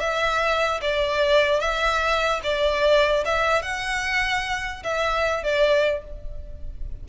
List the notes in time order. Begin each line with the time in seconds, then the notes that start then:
0.00 E5
0.81 D5
1.60 E5
2.44 D5
3.25 E5
3.62 F#5
4.83 E5
5.43 D5